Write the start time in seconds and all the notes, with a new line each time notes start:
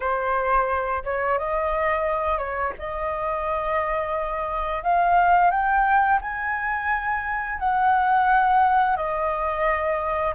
0.00 C5
1.03 C#5
1.38 D#5
2.38 C#5
2.78 D#5
4.83 F5
5.50 G5
6.21 G#5
7.59 F#5
8.96 D#5